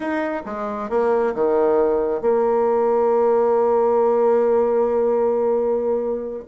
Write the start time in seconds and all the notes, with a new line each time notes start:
0.00 D#4
0.45 G#3
0.89 A#3
1.34 D#3
2.21 A#3